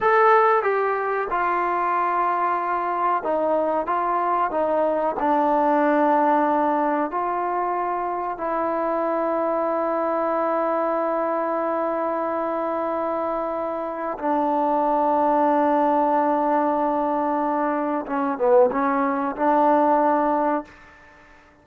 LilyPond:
\new Staff \with { instrumentName = "trombone" } { \time 4/4 \tempo 4 = 93 a'4 g'4 f'2~ | f'4 dis'4 f'4 dis'4 | d'2. f'4~ | f'4 e'2.~ |
e'1~ | e'2 d'2~ | d'1 | cis'8 b8 cis'4 d'2 | }